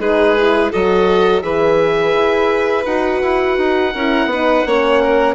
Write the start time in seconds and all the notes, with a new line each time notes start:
0.00 G#3 D#4 G#4 B4
0.38 E4
0.72 F#3 F#4 A4 D#5
1.42 E3 G#4 B4 E5
2.14 E4
2.85 D#4 F#4 F#5
3.22 E4
3.58 D#4
3.93 C#4 E4 A#4
4.26 B3 D#4
4.32 B4
4.66 A#3 C#4 C#5
5.02 A#4